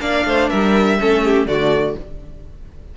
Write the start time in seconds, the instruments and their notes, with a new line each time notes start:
0.00 cello A#3, viola D4, violin D5 F5
0.25 cello A3, violin C5
0.49 cello G3, violin A#4 E5
0.99 cello A3, viola C#4, violin A4
1.24 violin G4
1.46 cello D3, viola A3, violin F#4 D5